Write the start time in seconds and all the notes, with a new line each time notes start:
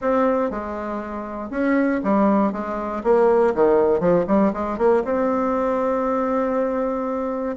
0.01 C4
0.50 G#3
1.50 C#4
2.03 G3
2.52 G#3
3.03 A#3
3.55 D#3
4.00 F3
4.27 G3
4.53 G#3
4.78 A#3
5.04 C4